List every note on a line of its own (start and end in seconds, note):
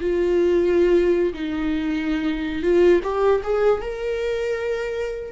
0.00 1.33 F4
1.33 2.62 D#4
2.62 3.00 F4
3.03 3.41 G4
3.43 3.81 G#4
3.81 5.31 A#4